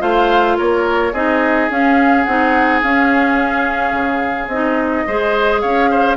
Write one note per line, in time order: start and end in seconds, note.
0.00 0.57 A3
0.00 1.12 F4
0.00 0.57 C5
0.00 0.57 F5
0.57 1.13 A#3
0.57 1.12 A#4
0.57 1.13 C#5
1.12 1.69 C4
1.12 1.70 D#4
1.12 5.05 G#4
1.12 1.70 D#5
1.69 2.25 C#4
1.69 2.26 C#4
1.69 2.24 F5
2.24 2.82 C4
2.24 2.83 D#4
2.24 2.80 F#5
2.82 3.92 C#4
2.82 4.51 C#4
2.82 4.48 F5
3.92 4.47 C#3
4.47 5.03 C4
4.47 5.08 D#4
4.47 5.60 D#5
5.07 5.63 G#3
5.07 6.17 G#4
5.07 5.61 C5
5.60 6.17 C#4
5.60 5.89 C#5
5.60 6.16 F5
5.90 6.17 C5